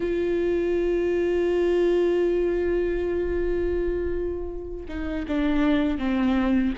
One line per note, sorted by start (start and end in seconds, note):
0.00 4.86 F4
4.88 5.25 D#4
5.28 5.98 D4
5.98 6.73 C4